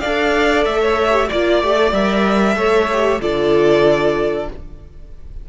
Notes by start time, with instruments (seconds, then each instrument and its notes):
0.00 cello D4, viola A4, violin D5 F5
0.65 cello A3, violin E5
0.81 violin C#5
1.11 viola G4
1.28 cello A#3, viola F4, violin D5
1.63 cello A3, viola G4
1.76 viola A4
1.92 cello G3, viola A#4, violin E5
2.56 cello A3, viola A4, violin C#5
2.92 viola G4
3.20 cello D3, viola F4, violin A4 D5